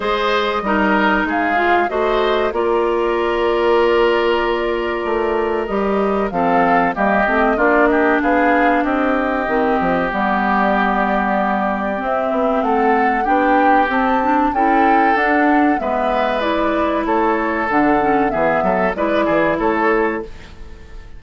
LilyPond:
<<
  \new Staff \with { instrumentName = "flute" } { \time 4/4 \tempo 4 = 95 dis''2 f''4 dis''4 | d''1~ | d''4 dis''4 f''4 dis''4 | d''8 dis''8 f''4 dis''2 |
d''2. e''4 | fis''4 g''4 a''4 g''4 | fis''4 e''4 d''4 cis''4 | fis''4 e''4 d''4 cis''4 | }
  \new Staff \with { instrumentName = "oboe" } { \time 4/4 c''4 ais'4 gis'4 c''4 | ais'1~ | ais'2 a'4 g'4 | f'8 g'8 gis'4 g'2~ |
g'1 | a'4 g'2 a'4~ | a'4 b'2 a'4~ | a'4 gis'8 a'8 b'8 gis'8 a'4 | }
  \new Staff \with { instrumentName = "clarinet" } { \time 4/4 gis'4 dis'4. f'8 fis'4 | f'1~ | f'4 g'4 c'4 ais8 c'8 | d'2. c'4 |
b2. c'4~ | c'4 d'4 c'8 d'8 e'4 | d'4 b4 e'2 | d'8 cis'8 b4 e'2 | }
  \new Staff \with { instrumentName = "bassoon" } { \time 4/4 gis4 g4 gis4 a4 | ais1 | a4 g4 f4 g8 a8 | ais4 b4 c'4 dis8 f8 |
g2. c'8 b8 | a4 b4 c'4 cis'4 | d'4 gis2 a4 | d4 e8 fis8 gis8 e8 a4 | }
>>